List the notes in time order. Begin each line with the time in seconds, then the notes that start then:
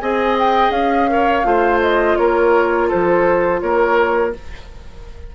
0.00 C4 G#4 D#5 G#5
0.39 G5
0.70 C#4 F5
1.09 A#4 C#5
1.44 A3 F4 C5
1.81 D#5
2.17 A#3 A#4 C#5
2.88 F3 A4 C5
3.60 A#3 A#4 C#5